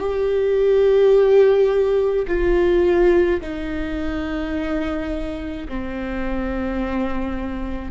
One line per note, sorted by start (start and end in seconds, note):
0.00 2.26 G4
2.28 3.41 F4
3.41 5.68 D#4
5.69 7.91 C4